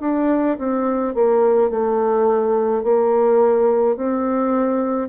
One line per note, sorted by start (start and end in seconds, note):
0.00 0.57 D4
0.58 1.14 C4
1.14 1.70 A#3
1.70 2.83 A3
2.83 3.96 A#3
3.96 5.08 C4